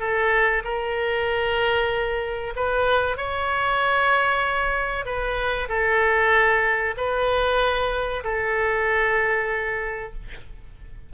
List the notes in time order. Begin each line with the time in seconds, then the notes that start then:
0.00 A4
0.64 A#4
2.56 B4
3.17 C#5
5.05 B4
5.69 A4
6.97 B4
8.24 A4